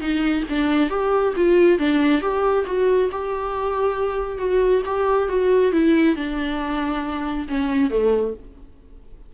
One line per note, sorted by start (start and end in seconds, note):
0.00 0.44 D#4
0.50 0.90 D4
0.90 1.34 G4
1.36 1.79 F4
1.79 2.21 D4
2.21 2.65 G4
2.66 3.10 F#4
3.11 4.38 G4
4.38 4.82 F#4
4.86 5.29 G4
5.29 5.72 F#4
5.72 6.16 E4
6.16 7.47 D4
7.48 7.90 C#4
7.90 8.34 A3